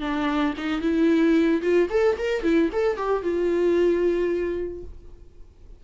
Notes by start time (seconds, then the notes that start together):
0.00 D4
0.57 D#4
0.81 E4
1.61 F4
1.89 A4
2.18 A#4
2.43 E4
2.72 A4
2.97 G4
3.22 F4